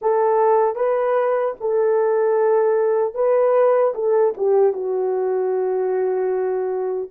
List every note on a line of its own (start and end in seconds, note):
0.01 0.75 A4
0.75 1.54 B4
1.60 3.14 A4
3.14 3.93 B4
3.94 4.33 A4
4.37 4.72 G4
4.72 7.09 F#4